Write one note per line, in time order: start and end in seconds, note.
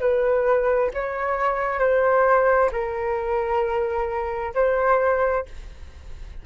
0.00 0.91 B4
0.93 1.79 C#5
1.79 2.70 C5
2.72 4.54 A#4
4.55 5.45 C5